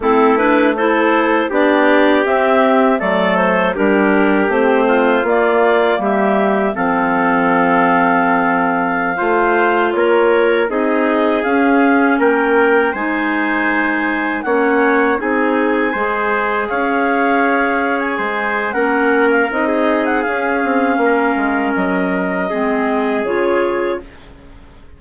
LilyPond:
<<
  \new Staff \with { instrumentName = "clarinet" } { \time 4/4 \tempo 4 = 80 a'8 b'8 c''4 d''4 e''4 | d''8 c''8 ais'4 c''4 d''4 | e''4 f''2.~ | f''4~ f''16 cis''4 dis''4 f''8.~ |
f''16 g''4 gis''2 fis''8.~ | fis''16 gis''2 f''4.~ f''16 | gis''4 fis''8. f''16 dis''8. fis''16 f''4~ | f''4 dis''2 cis''4 | }
  \new Staff \with { instrumentName = "trumpet" } { \time 4/4 e'4 a'4 g'2 | a'4 g'4. f'4. | g'4 a'2.~ | a'16 c''4 ais'4 gis'4.~ gis'16~ |
gis'16 ais'4 c''2 cis''8.~ | cis''16 gis'4 c''4 cis''4.~ cis''16~ | cis''16 c''8. ais'4~ ais'16 gis'4.~ gis'16 | ais'2 gis'2 | }
  \new Staff \with { instrumentName = "clarinet" } { \time 4/4 c'8 d'8 e'4 d'4 c'4 | a4 d'4 c'4 ais4~ | ais4 c'2.~ | c'16 f'2 dis'4 cis'8.~ |
cis'4~ cis'16 dis'2 cis'8.~ | cis'16 dis'4 gis'2~ gis'8.~ | gis'4 cis'4 dis'4 cis'4~ | cis'2 c'4 f'4 | }
  \new Staff \with { instrumentName = "bassoon" } { \time 4/4 a2 b4 c'4 | fis4 g4 a4 ais4 | g4 f2.~ | f16 a4 ais4 c'4 cis'8.~ |
cis'16 ais4 gis2 ais8.~ | ais16 c'4 gis4 cis'4.~ cis'16~ | cis'16 gis8. ais4 c'4 cis'8 c'8 | ais8 gis8 fis4 gis4 cis4 | }
>>